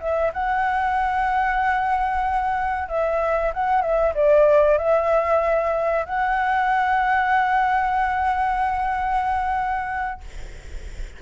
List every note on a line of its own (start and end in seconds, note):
0.00 0.32 E5
0.33 2.88 F#5
2.88 3.52 E5
3.54 3.82 F#5
3.82 4.13 E5
4.15 4.78 D5
4.78 6.06 E5
6.06 10.21 F#5